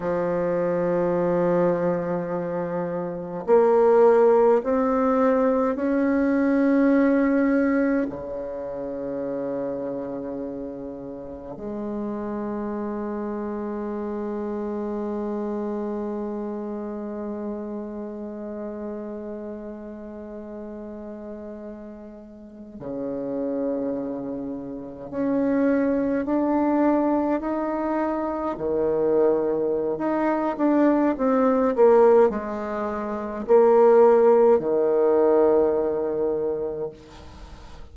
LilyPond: \new Staff \with { instrumentName = "bassoon" } { \time 4/4 \tempo 4 = 52 f2. ais4 | c'4 cis'2 cis4~ | cis2 gis2~ | gis1~ |
gis2.~ gis8. cis16~ | cis4.~ cis16 cis'4 d'4 dis'16~ | dis'8. dis4~ dis16 dis'8 d'8 c'8 ais8 | gis4 ais4 dis2 | }